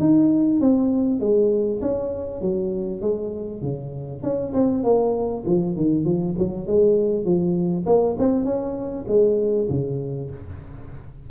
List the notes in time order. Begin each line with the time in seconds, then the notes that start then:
0.00 D#4
0.61 C4
1.21 G#3
1.82 C#4
2.42 F#3
3.02 G#3
3.63 C#3
4.23 C#4
4.54 C4
4.84 A#3
5.46 F3
5.77 D#3
6.05 F3
6.39 F#3
6.67 G#3
7.25 F3
7.87 A#3
8.19 C4
8.45 C#4
9.08 G#3
9.70 C#3